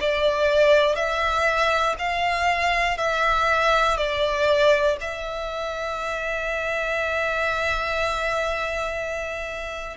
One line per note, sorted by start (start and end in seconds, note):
0.00 0.95 D5
0.95 1.95 E5
1.98 2.97 F5
2.97 3.96 E5
3.96 4.96 D5
5.00 9.97 E5